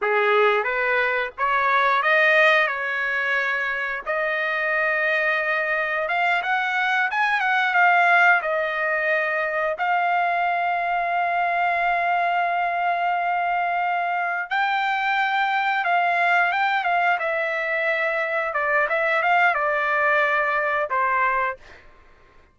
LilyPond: \new Staff \with { instrumentName = "trumpet" } { \time 4/4 \tempo 4 = 89 gis'4 b'4 cis''4 dis''4 | cis''2 dis''2~ | dis''4 f''8 fis''4 gis''8 fis''8 f''8~ | f''8 dis''2 f''4.~ |
f''1~ | f''4. g''2 f''8~ | f''8 g''8 f''8 e''2 d''8 | e''8 f''8 d''2 c''4 | }